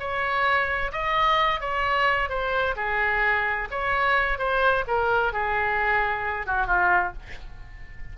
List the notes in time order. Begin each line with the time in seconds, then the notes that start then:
0.00 C#5
0.93 D#5
1.61 C#5
2.30 C5
2.77 G#4
3.71 C#5
4.39 C5
4.88 A#4
5.33 G#4
6.47 F#4
6.67 F4